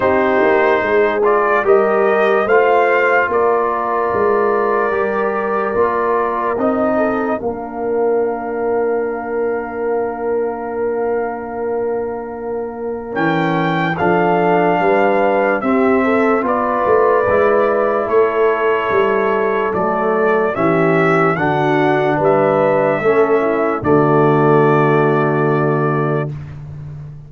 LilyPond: <<
  \new Staff \with { instrumentName = "trumpet" } { \time 4/4 \tempo 4 = 73 c''4. d''8 dis''4 f''4 | d''1 | dis''4 f''2.~ | f''1 |
g''4 f''2 e''4 | d''2 cis''2 | d''4 e''4 fis''4 e''4~ | e''4 d''2. | }
  \new Staff \with { instrumentName = "horn" } { \time 4/4 g'4 gis'4 ais'4 c''4 | ais'1~ | ais'8 a'8 ais'2.~ | ais'1~ |
ais'4 a'4 b'4 g'8 a'8 | b'2 a'2~ | a'4 g'4 fis'4 b'4 | a'8 e'8 fis'2. | }
  \new Staff \with { instrumentName = "trombone" } { \time 4/4 dis'4. f'8 g'4 f'4~ | f'2 g'4 f'4 | dis'4 d'2.~ | d'1 |
cis'4 d'2 c'4 | f'4 e'2. | a4 cis'4 d'2 | cis'4 a2. | }
  \new Staff \with { instrumentName = "tuba" } { \time 4/4 c'8 ais8 gis4 g4 a4 | ais4 gis4 g4 ais4 | c'4 ais2.~ | ais1 |
e4 f4 g4 c'4 | b8 a8 gis4 a4 g4 | fis4 e4 d4 g4 | a4 d2. | }
>>